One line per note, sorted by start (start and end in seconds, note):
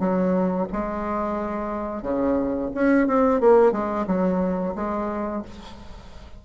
0.00 0.67 F#3
0.73 2.03 G#3
2.03 2.70 C#3
2.75 3.08 C#4
3.08 3.41 C4
3.41 3.72 A#3
3.72 4.06 G#3
4.07 4.75 F#3
4.76 5.43 G#3